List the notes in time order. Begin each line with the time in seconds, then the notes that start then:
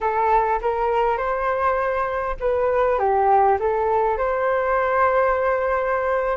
0.00 A4
0.61 A#4
1.17 C5
2.40 B4
2.98 G4
3.59 A4
4.17 C5